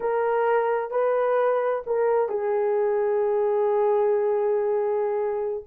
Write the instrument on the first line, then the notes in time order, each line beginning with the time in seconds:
horn
0.00 A#4
0.91 B4
1.86 A#4
2.28 G#4